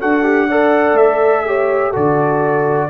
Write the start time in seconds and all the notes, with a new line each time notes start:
0.00 D4 F#4 A4 F#5
0.23 G4
0.47 A4 D5
0.93 A3 E5
1.46 G4 C#5
1.90 D3 F#4 A4 D5